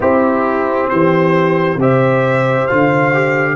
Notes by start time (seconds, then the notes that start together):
0.00 C4 E4 G4
0.89 E3 G4 C5
1.75 C3 G4 C5 E5
2.67 D3 F4 F5
3.13 G4